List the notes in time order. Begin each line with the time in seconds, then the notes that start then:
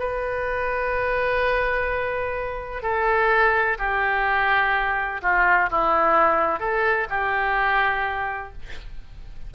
0.00 B4
2.83 A4
3.79 G4
5.23 F4
5.71 E4
6.60 A4
7.10 G4